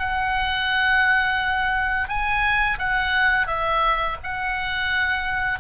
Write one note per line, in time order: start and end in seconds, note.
0.00 2.09 F#5
2.09 2.79 G#5
2.79 3.47 F#5
3.47 4.17 E5
4.24 5.60 F#5